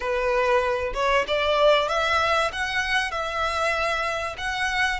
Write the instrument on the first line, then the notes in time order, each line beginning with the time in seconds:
violin
0.00 B4
0.93 C#5
1.27 D5
1.88 E5
2.52 F#5
3.11 E5
4.37 F#5